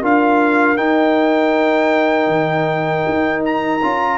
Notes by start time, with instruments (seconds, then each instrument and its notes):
0.00 tuba D4, trombone F4, horn A#4, trumpet F5
0.77 tuba D#4, trombone D#4, trumpet G5
2.27 tuba D#3
3.08 tuba D#4
3.45 trumpet A#5
3.82 tuba C#4, trombone F4